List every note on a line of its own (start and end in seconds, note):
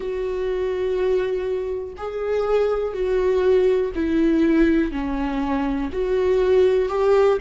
0.00 1.93 F#4
1.97 2.93 G#4
2.93 3.91 F#4
3.95 4.91 E4
4.91 5.90 C#4
5.92 6.89 F#4
6.89 7.38 G4